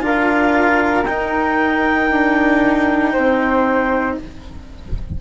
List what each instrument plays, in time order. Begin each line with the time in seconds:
0.00 bassoon D4, cello F4, flute A#4, clarinet F5
1.05 cello D#4, bassoon D#4, clarinet G5
2.10 bassoon D4
3.13 bassoon C4, flute C5